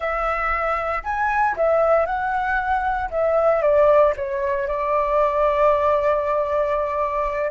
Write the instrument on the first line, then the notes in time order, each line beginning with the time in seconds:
flute
0.00 E5
1.03 G#5
1.56 E5
2.06 F#5
3.10 E5
3.62 D5
4.16 C#5
4.67 D5